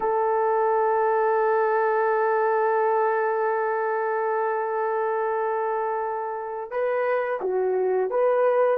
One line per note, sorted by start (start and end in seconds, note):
0.00 6.71 A4
6.71 7.39 B4
7.41 8.10 F#4
8.10 8.77 B4